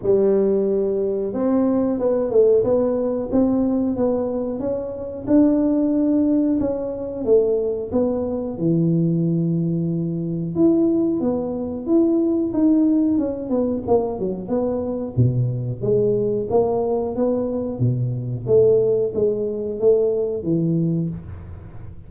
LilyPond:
\new Staff \with { instrumentName = "tuba" } { \time 4/4 \tempo 4 = 91 g2 c'4 b8 a8 | b4 c'4 b4 cis'4 | d'2 cis'4 a4 | b4 e2. |
e'4 b4 e'4 dis'4 | cis'8 b8 ais8 fis8 b4 b,4 | gis4 ais4 b4 b,4 | a4 gis4 a4 e4 | }